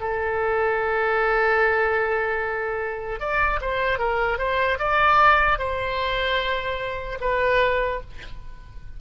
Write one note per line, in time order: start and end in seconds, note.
0.00 3.20 A4
3.20 3.60 D5
3.61 3.99 C5
3.99 4.38 A#4
4.38 4.78 C5
4.79 5.59 D5
5.59 7.19 C5
7.20 8.00 B4